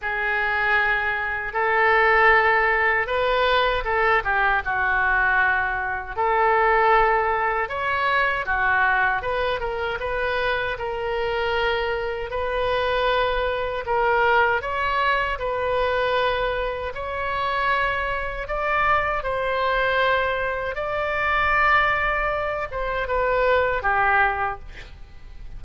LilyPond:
\new Staff \with { instrumentName = "oboe" } { \time 4/4 \tempo 4 = 78 gis'2 a'2 | b'4 a'8 g'8 fis'2 | a'2 cis''4 fis'4 | b'8 ais'8 b'4 ais'2 |
b'2 ais'4 cis''4 | b'2 cis''2 | d''4 c''2 d''4~ | d''4. c''8 b'4 g'4 | }